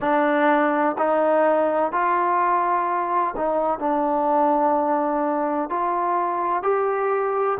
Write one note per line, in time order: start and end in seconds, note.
0.00 0.96 D4
0.98 1.91 D#4
1.91 3.34 F4
3.36 3.79 D#4
3.79 5.69 D4
5.69 6.62 F4
6.62 7.58 G4